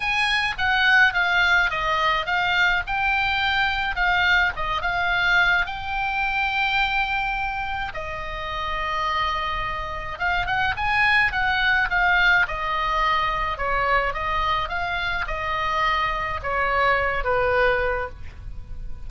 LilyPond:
\new Staff \with { instrumentName = "oboe" } { \time 4/4 \tempo 4 = 106 gis''4 fis''4 f''4 dis''4 | f''4 g''2 f''4 | dis''8 f''4. g''2~ | g''2 dis''2~ |
dis''2 f''8 fis''8 gis''4 | fis''4 f''4 dis''2 | cis''4 dis''4 f''4 dis''4~ | dis''4 cis''4. b'4. | }